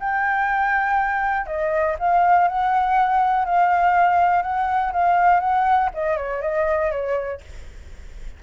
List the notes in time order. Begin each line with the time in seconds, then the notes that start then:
0.00 G5
1.47 D#5
1.99 F5
2.48 F#5
3.45 F5
4.42 F#5
4.92 F5
5.40 F#5
5.94 D#5
6.17 C#5
6.42 D#5
6.91 C#5